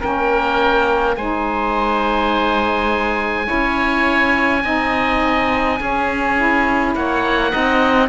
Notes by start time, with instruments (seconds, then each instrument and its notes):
0.00 cello A#3, saxophone C#4, oboe A#4 G5
1.16 cello G#3, saxophone D#4, oboe C5 G#5
3.44 saxophone E4, oboe C#5
3.52 cello C#4
4.63 cello C4, saxophone D#4, oboe D#5
5.78 saxophone C#4, cello C#4, oboe G#4
6.36 saxophone E4
6.95 cello A#3, oboe C#5 F#5
7.50 cello C4, saxophone D#4, oboe D#5